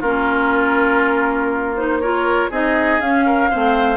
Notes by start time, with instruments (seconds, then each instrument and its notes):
0.00 bassoon A#3, clarinet C#4, oboe F4, flute A#4
1.76 clarinet D#4, flute C5
2.00 clarinet F4, oboe A#4, flute C#5
2.50 bassoon C4, clarinet D#4, oboe G#4, flute D#5
3.00 bassoon C#4, clarinet C#4, flute F5
3.26 oboe A#4
3.50 bassoon A3, clarinet C4, oboe C5